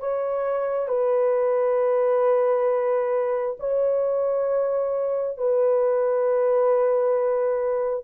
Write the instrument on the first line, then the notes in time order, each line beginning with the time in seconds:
horn
0.00 C#5
0.88 B4
3.60 C#5
5.38 B4